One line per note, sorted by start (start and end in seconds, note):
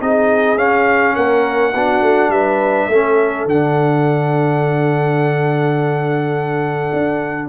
0.00 0.56 C4
0.00 0.58 D#4
0.00 1.15 G#4
0.00 0.58 D#5
0.56 1.14 C#4
0.56 1.74 C#4
0.56 1.16 F5
1.15 1.74 A#3
1.15 1.73 A#4
1.15 2.31 F#5
1.74 2.02 B3
1.74 2.92 D4
1.74 2.31 F#4
2.02 2.29 A3
2.29 2.87 G3
2.29 2.90 B4
2.29 3.46 E5
2.88 3.46 A3
2.88 3.50 C#4
2.88 7.49 A4
3.46 6.92 D3
3.46 7.49 D4
3.46 7.49 F#5
6.93 7.49 D4